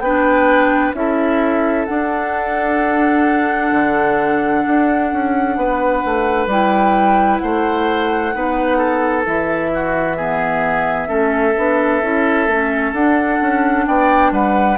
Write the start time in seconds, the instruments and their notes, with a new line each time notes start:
0.00 bassoon B3, clarinet D4, oboe B4, flute G5
0.94 bassoon C#4, clarinet E4, oboe A4, flute E5
1.86 clarinet D4, bassoon D4, flute F#5
3.72 bassoon D3
4.67 bassoon D4
5.13 bassoon C#4
5.57 bassoon B3, oboe B4
6.05 bassoon A3
6.47 bassoon G3, clarinet E4, flute G5
7.38 bassoon A3, oboe C5, flute F#5
8.33 bassoon B3, clarinet D#4, oboe B4
8.77 oboe A4
9.25 bassoon E3, clarinet E4, flute E5
9.74 oboe F#4
10.17 clarinet B3, oboe G#4
11.07 bassoon A3, clarinet C#4, oboe A4
11.56 bassoon B3, clarinet D4
12.02 bassoon C#4, clarinet E4
12.47 bassoon A3, clarinet C#4
12.93 bassoon D4, clarinet D4, flute F#5
13.41 bassoon C#4
13.86 bassoon B3, oboe D5, flute G5
14.32 bassoon G3, oboe B4, flute F#5